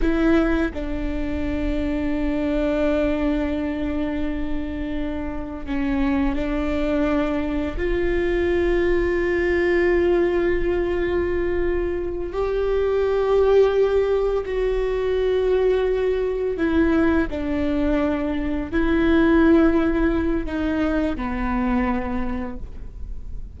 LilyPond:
\new Staff \with { instrumentName = "viola" } { \time 4/4 \tempo 4 = 85 e'4 d'2.~ | d'1 | cis'4 d'2 f'4~ | f'1~ |
f'4. g'2~ g'8~ | g'8 fis'2. e'8~ | e'8 d'2 e'4.~ | e'4 dis'4 b2 | }